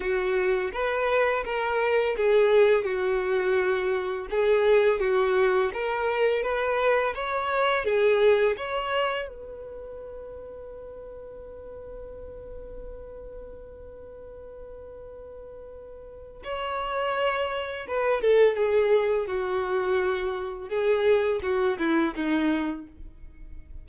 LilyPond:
\new Staff \with { instrumentName = "violin" } { \time 4/4 \tempo 4 = 84 fis'4 b'4 ais'4 gis'4 | fis'2 gis'4 fis'4 | ais'4 b'4 cis''4 gis'4 | cis''4 b'2.~ |
b'1~ | b'2. cis''4~ | cis''4 b'8 a'8 gis'4 fis'4~ | fis'4 gis'4 fis'8 e'8 dis'4 | }